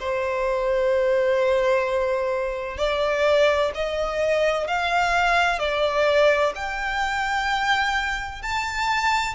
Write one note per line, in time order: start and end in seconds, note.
0.00 2.78 C5
2.78 3.72 D5
3.75 4.68 D#5
4.68 5.60 F5
5.60 6.53 D5
6.56 8.43 G5
8.43 9.35 A5